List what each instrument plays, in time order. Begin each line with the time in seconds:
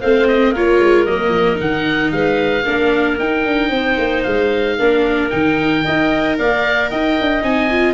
0.00 tuba A3, viola C4, clarinet C5, oboe F5
0.27 oboe D#5
0.51 tuba A#3, viola F4, clarinet A#4, oboe C#5
0.79 tuba G#3
1.05 tuba F#3, viola A#3, oboe D#5
1.29 tuba F3
1.55 tuba D#3, viola D#4, oboe F#5
2.11 tuba G#3, clarinet B4, oboe F5
2.64 tuba A#3, viola D4, clarinet A#4
3.18 tuba D#4, viola D#4, oboe G5
3.45 tuba D4
3.69 tuba C4, clarinet C5
3.97 tuba A#3
4.23 tuba G#3, oboe F5
4.78 tuba A#3, viola D4, clarinet A#4
5.30 tuba D#3, viola D#4, oboe G5
5.83 tuba D#4, viola A#4, clarinet D#5
6.38 tuba A#3, clarinet D5, oboe F5
6.89 tuba D#4, clarinet D#5, oboe G5
7.20 tuba D4
7.41 tuba C4, viola D#4, oboe G#5
7.70 viola F4